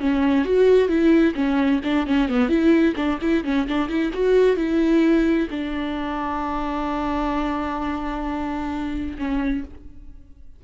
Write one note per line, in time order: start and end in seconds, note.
0.00 0.45 C#4
0.45 0.88 F#4
0.88 1.34 E4
1.35 1.81 C#4
1.84 2.06 D4
2.06 2.29 C#4
2.29 2.49 B3
2.49 2.94 E4
2.96 3.19 D4
3.21 3.44 E4
3.44 3.67 C#4
3.67 3.88 D4
3.88 4.11 E4
4.13 4.57 F#4
4.57 5.48 E4
5.50 9.17 D4
9.18 9.64 C#4